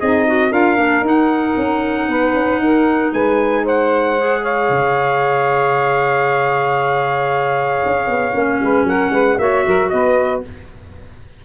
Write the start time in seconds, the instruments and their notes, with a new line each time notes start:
0.00 tuba C4, saxophone D#4, clarinet G#4, trumpet D#5
0.27 clarinet F#4
0.51 tuba D4, clarinet F4, saxophone A#4, trumpet F5
0.77 tuba A#3, clarinet D4
1.02 tuba D#4, clarinet D#4
1.08 trumpet F#5
1.57 tuba C#4
2.09 tuba B3, saxophone B4
2.34 tuba C#4
2.60 tuba D#4, saxophone A#4
3.13 tuba G#3, saxophone B4, trumpet G#5
3.64 saxophone C5, trumpet F#5
4.19 clarinet G#4
4.42 saxophone C#5, trumpet F5
4.70 tuba C#3
7.86 tuba C#4
8.08 tuba B3
8.34 tuba A#3, clarinet C#4
8.62 tuba G#3, saxophone B4
8.84 tuba F#3, saxophone A#4, trumpet F#5
9.11 tuba G#3, saxophone B4
9.38 tuba A#3, clarinet F#4, saxophone C#5, trumpet E5
9.66 tuba F#3, saxophone A#4
9.90 tuba B3, saxophone B4, trumpet D#5